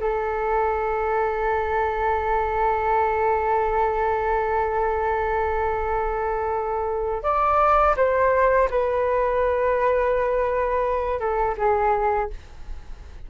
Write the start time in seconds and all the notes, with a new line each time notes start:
0.00 A4
7.23 D5
7.96 C5
8.70 B4
11.20 A4
11.57 G#4